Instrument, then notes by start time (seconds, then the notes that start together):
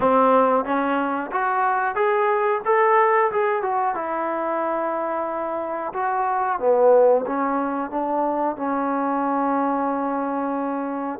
trombone
0.00 C4
0.64 C#4
1.31 F#4
1.95 G#4
2.65 A4
3.31 G#4
3.62 F#4
3.94 E4
5.93 F#4
6.59 B3
7.26 C#4
7.90 D4
8.56 C#4